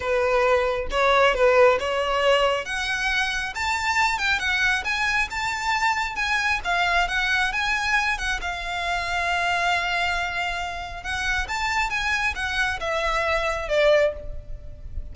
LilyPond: \new Staff \with { instrumentName = "violin" } { \time 4/4 \tempo 4 = 136 b'2 cis''4 b'4 | cis''2 fis''2 | a''4. g''8 fis''4 gis''4 | a''2 gis''4 f''4 |
fis''4 gis''4. fis''8 f''4~ | f''1~ | f''4 fis''4 a''4 gis''4 | fis''4 e''2 d''4 | }